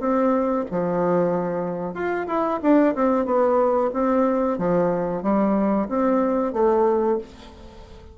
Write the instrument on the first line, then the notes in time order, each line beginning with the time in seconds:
bassoon
0.00 C4
0.71 F3
1.94 F4
2.27 E4
2.62 D4
2.95 C4
3.25 B3
3.94 C4
4.58 F3
5.23 G3
5.89 C4
6.53 A3